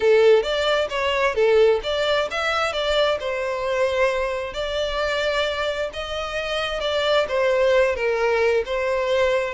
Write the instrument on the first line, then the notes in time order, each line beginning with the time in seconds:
violin
0.00 A4
0.42 D5
0.89 C#5
1.35 A4
1.83 D5
2.30 E5
2.72 D5
3.19 C5
4.53 D5
5.93 D#5
6.80 D5
7.28 C5
7.95 A#4
8.65 C5